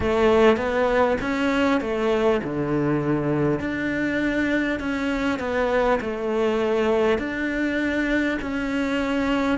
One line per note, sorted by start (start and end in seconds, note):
0.00 0.56 A3
0.56 1.16 B3
1.21 1.80 C#4
1.80 2.40 A3
2.43 3.59 D3
3.59 4.79 D4
4.79 5.39 C#4
5.39 5.99 B3
6.01 7.18 A3
7.18 8.38 D4
8.41 9.58 C#4